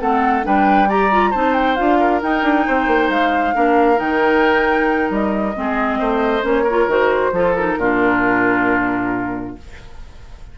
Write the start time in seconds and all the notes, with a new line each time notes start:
0.00 A3 C4 A4 F#5
0.44 G3 D4 B4 G5
0.89 G4 D5 A#5
1.11 F4
1.31 C4 D#4 C5 A5
1.54 G5
1.76 D4 F4 F5
2.00 A#4
2.22 D#4 G5
2.43 D4
2.67 C4 C5
2.87 A#3
3.09 G#3 F5
3.54 A#3 D4 A#4
3.96 D#3 D#4 G5
5.10 G3 D#5
5.56 G#3 C4 G#4
5.99 A3 C5
6.42 A#3 C#4 C#5
6.64 A#4
6.70 F4
6.87 D#3 F#4 C5
7.32 F3 F4 A4
7.56 D#4 A#4
7.78 A#2 D4 F4